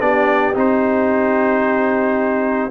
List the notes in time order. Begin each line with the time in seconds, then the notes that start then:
0.00 B3 D4 G4 D5
0.55 C4 D#4 C5